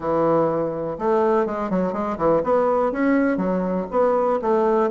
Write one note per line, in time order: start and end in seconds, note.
0.00 0.97 E3
0.98 1.46 A3
1.46 1.70 G#3
1.70 1.93 F#3
1.93 2.17 G#3
2.17 2.42 E3
2.43 2.92 B3
2.92 3.37 C#4
3.37 3.86 F#3
3.90 4.39 B3
4.41 4.90 A3